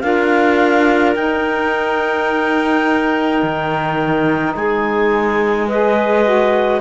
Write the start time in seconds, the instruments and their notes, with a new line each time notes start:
0.00 cello D4, saxophone F4, clarinet A#4 F5
1.14 saxophone D#4, cello D#4, clarinet G5
3.42 cello D#3
4.55 cello G#3, clarinet G#4 G#5
5.67 saxophone G#4, clarinet B4 D#5
6.24 saxophone F#4